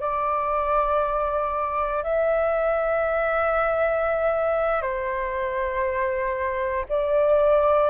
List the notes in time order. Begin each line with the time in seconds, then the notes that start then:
0.00 D5
2.03 E5
4.81 C5
6.88 D5